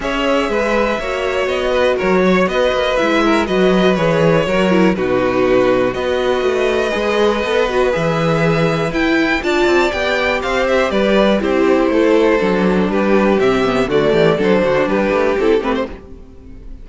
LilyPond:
<<
  \new Staff \with { instrumentName = "violin" } { \time 4/4 \tempo 4 = 121 e''2. dis''4 | cis''4 dis''4 e''4 dis''4 | cis''2 b'2 | dis''1 |
e''2 g''4 a''4 | g''4 f''8 e''8 d''4 c''4~ | c''2 b'4 e''4 | d''4 c''4 b'4 a'8 b'16 c''16 | }
  \new Staff \with { instrumentName = "violin" } { \time 4/4 cis''4 b'4 cis''4. b'8 | ais'8 cis''8 b'4. ais'8 b'4~ | b'4 ais'4 fis'2 | b'1~ |
b'2. d''4~ | d''4 c''4 b'4 g'4 | a'2 g'2 | fis'8 g'8 a'8 fis'8 g'2 | }
  \new Staff \with { instrumentName = "viola" } { \time 4/4 gis'2 fis'2~ | fis'2 e'4 fis'4 | gis'4 fis'8 e'8 dis'2 | fis'2 gis'4 a'8 fis'8 |
gis'2 e'4 f'4 | g'2. e'4~ | e'4 d'2 c'8 b8 | a4 d'2 e'8 c'8 | }
  \new Staff \with { instrumentName = "cello" } { \time 4/4 cis'4 gis4 ais4 b4 | fis4 b8 ais8 gis4 fis4 | e4 fis4 b,2 | b4 a4 gis4 b4 |
e2 e'4 d'8 c'8 | b4 c'4 g4 c'4 | a4 fis4 g4 c4 | d8 e8 fis8 d8 g8 a8 c'8 a8 | }
>>